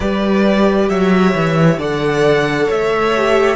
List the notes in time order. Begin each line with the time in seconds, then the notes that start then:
0.00 G3 G4 B4 D5
0.89 F#3 C#5 E5
1.34 E3
1.77 D3 A4 D5 F#5
2.66 A3 C#5 E5
3.16 G4